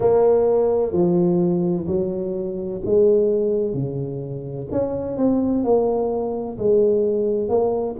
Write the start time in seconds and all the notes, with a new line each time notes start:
0.00 A#3
0.92 F3
1.87 F#3
2.85 G#3
3.73 C#3
4.71 C#4
5.16 C4
5.63 A#3
6.58 G#3
7.48 A#3